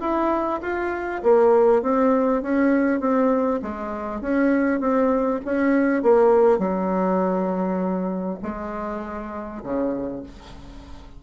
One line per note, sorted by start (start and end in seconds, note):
0.00 0.60 E4
0.62 1.22 F4
1.23 1.82 A#3
1.82 2.42 C4
2.42 3.00 C#4
3.00 3.60 C4
3.62 4.21 G#3
4.21 4.80 C#4
4.80 5.40 C4
5.45 6.03 C#4
6.03 6.59 A#3
6.59 8.39 F#3
8.43 9.63 G#3
9.63 10.23 C#3